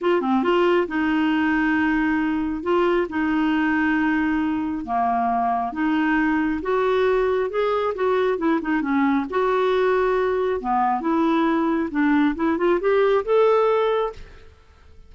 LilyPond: \new Staff \with { instrumentName = "clarinet" } { \time 4/4 \tempo 4 = 136 f'8 c'8 f'4 dis'2~ | dis'2 f'4 dis'4~ | dis'2. ais4~ | ais4 dis'2 fis'4~ |
fis'4 gis'4 fis'4 e'8 dis'8 | cis'4 fis'2. | b4 e'2 d'4 | e'8 f'8 g'4 a'2 | }